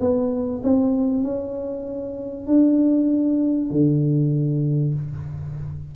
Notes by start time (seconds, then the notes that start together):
0.00 B3
0.64 C4
1.24 C#4
2.47 D4
3.71 D3